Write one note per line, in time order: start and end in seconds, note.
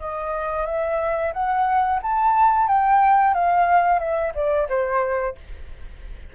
0.00 0.66 D#5
0.66 1.32 E5
1.33 2.00 F#5
2.02 2.68 A5
2.68 3.34 G5
3.34 3.99 F5
3.99 4.32 E5
4.35 4.68 D5
4.69 5.35 C5